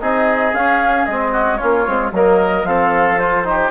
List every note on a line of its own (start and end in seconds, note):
0.00 0.53 C4
0.00 0.53 D#4
0.00 1.31 G#4
0.00 0.54 D#5
0.53 1.06 C#4
0.53 1.10 C#4
0.53 1.05 F5
1.05 1.60 G#3
1.05 1.59 C4
1.05 1.57 D#5
1.31 1.58 F#4
1.57 1.87 A#3
1.57 1.85 C#4
1.57 2.11 F4
1.57 2.10 C#5
1.86 2.11 G#3
1.86 2.12 C4
2.11 2.63 F#3
2.11 2.65 A#3
2.11 2.67 A#4
2.11 2.65 D#5
2.63 3.69 F3
2.63 3.18 C4
2.63 3.47 A4
2.63 3.18 F5
3.18 3.44 F4
3.18 3.71 C5
3.44 3.71 D#4
3.44 3.71 G4